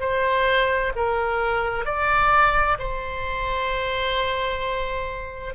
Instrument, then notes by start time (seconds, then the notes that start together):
oboe
0.00 C5
0.96 A#4
1.85 D5
2.79 C5